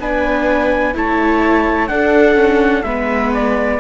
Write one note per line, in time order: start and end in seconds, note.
0.00 0.95 B3
0.00 0.94 D4
0.00 0.96 B4
0.00 0.96 G#5
0.94 1.90 A3
0.94 1.89 E4
0.94 1.91 C#5
0.94 1.88 A5
1.88 2.35 D4
1.88 2.84 D4
1.88 2.86 A4
1.88 2.83 F#5
2.35 2.83 C#4
2.83 3.79 G#3
2.83 3.80 B3
2.83 3.80 B4
2.83 3.31 E5
3.34 3.80 D5